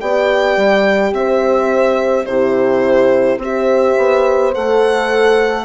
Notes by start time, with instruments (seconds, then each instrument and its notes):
0.00 bassoon B3, horn G4 D5, violin G5
0.56 bassoon G3
1.13 bassoon C4, horn C5, violin E5
2.25 bassoon C3, horn E4 G4, violin C5
3.37 bassoon C4, horn G4 C5
3.44 violin E5
3.97 bassoon B3
4.54 bassoon A3, horn A4, violin F#5